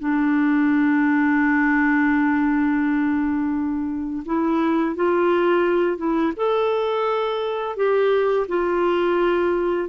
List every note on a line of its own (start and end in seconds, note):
0.00 4.24 D4
4.26 4.96 E4
4.96 5.98 F4
5.98 6.33 E4
6.37 7.77 A4
7.77 8.47 G4
8.48 9.89 F4